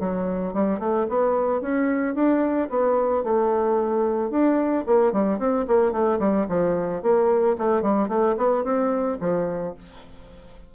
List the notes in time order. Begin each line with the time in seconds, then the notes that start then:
0.00 F#3
0.54 G3
0.80 A3
1.09 B3
1.62 C#4
2.15 D4
2.70 B3
3.24 A3
4.31 D4
4.87 A#3
5.13 G3
5.39 C4
5.68 A#3
5.92 A3
6.20 G3
6.49 F3
7.03 A#3
7.58 A3
7.82 G3
8.09 A3
8.38 B3
8.64 C4
9.21 F3